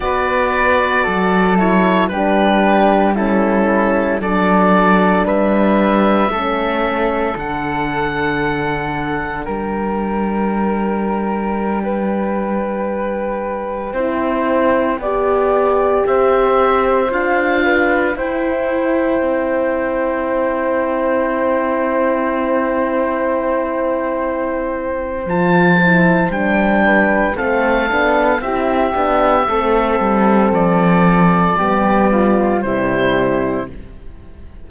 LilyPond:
<<
  \new Staff \with { instrumentName = "oboe" } { \time 4/4 \tempo 4 = 57 d''4. cis''8 b'4 a'4 | d''4 e''2 fis''4~ | fis''4 g''2.~ | g''2.~ g''16 e''8.~ |
e''16 f''4 g''2~ g''8.~ | g''1 | a''4 g''4 f''4 e''4~ | e''4 d''2 c''4 | }
  \new Staff \with { instrumentName = "flute" } { \time 4/4 b'4 a'4 g'4 e'4 | a'4 b'4 a'2~ | a'4 ais'2~ ais'16 b'8.~ | b'4~ b'16 c''4 d''4 c''8.~ |
c''8. b'8 c''2~ c''8.~ | c''1~ | c''4. b'8 a'4 g'4 | a'2 g'8 f'8 e'4 | }
  \new Staff \with { instrumentName = "horn" } { \time 4/4 fis'4. e'8 d'4 cis'4 | d'2 cis'4 d'4~ | d'1~ | d'4~ d'16 e'4 g'4.~ g'16~ |
g'16 f'4 e'2~ e'8.~ | e'1 | f'8 e'8 d'4 c'8 d'8 e'8 d'8 | c'2 b4 g4 | }
  \new Staff \with { instrumentName = "cello" } { \time 4/4 b4 fis4 g2 | fis4 g4 a4 d4~ | d4 g2.~ | g4~ g16 c'4 b4 c'8.~ |
c'16 d'4 e'4 c'4.~ c'16~ | c'1 | f4 g4 a8 b8 c'8 b8 | a8 g8 f4 g4 c4 | }
>>